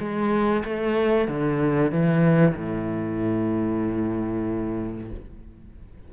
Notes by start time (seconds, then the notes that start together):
0.00 G#3
0.65 A3
1.28 D3
1.92 E3
2.56 A2